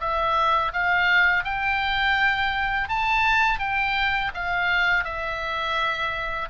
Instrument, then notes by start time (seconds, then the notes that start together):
oboe
0.00 E5
0.73 F5
1.44 G5
2.88 A5
3.59 G5
4.34 F5
5.04 E5